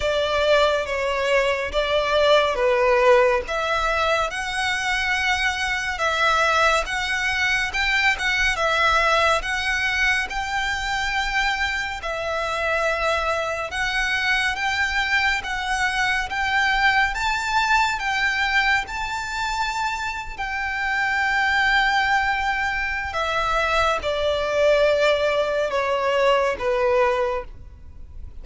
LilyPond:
\new Staff \with { instrumentName = "violin" } { \time 4/4 \tempo 4 = 70 d''4 cis''4 d''4 b'4 | e''4 fis''2 e''4 | fis''4 g''8 fis''8 e''4 fis''4 | g''2 e''2 |
fis''4 g''4 fis''4 g''4 | a''4 g''4 a''4.~ a''16 g''16~ | g''2. e''4 | d''2 cis''4 b'4 | }